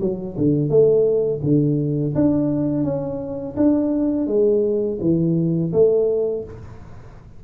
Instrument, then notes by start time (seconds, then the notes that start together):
tuba
0.00 F#3
0.37 D3
0.69 A3
1.43 D3
2.15 D4
2.84 C#4
3.56 D4
4.27 G#3
5.00 E3
5.72 A3